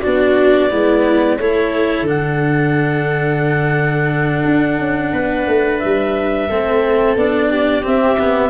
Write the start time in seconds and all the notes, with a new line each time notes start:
0.00 B3 D4 F#4 D5
0.70 G#3 B3 E4
1.38 A3 E4 A4 C#5
2.01 D3 D4
2.08 F#5
4.45 D4
4.78 C#4
5.12 B3 B4
5.47 A3
5.79 G3 E5
6.49 A3 C4 A4
7.15 B3 D4 D5
7.50 G4
7.82 C4 E5
8.19 B3